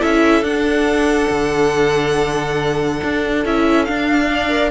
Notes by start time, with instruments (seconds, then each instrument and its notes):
0.00 cello C#4, viola E4, violin A4 E5
0.42 cello D4, viola D4, violin F#5
1.30 cello D3
3.04 cello D4
3.45 cello C#4, viola E4, violin E5
3.85 viola D4, cello D4, violin F5
4.31 violin D5
4.50 viola A#4